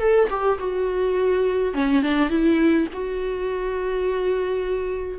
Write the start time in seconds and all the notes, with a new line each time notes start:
0.00 A4
0.30 G4
0.60 F#4
1.74 C#4
2.03 D4
2.30 E4
2.93 F#4